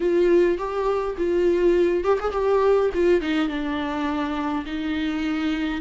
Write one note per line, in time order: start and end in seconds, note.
0.00 0.57 F4
0.57 1.16 G4
1.17 2.04 F4
2.04 2.18 G4
2.20 2.31 G#4
2.31 2.89 G4
2.94 3.21 F4
3.21 3.48 D#4
3.48 4.64 D4
4.65 5.81 D#4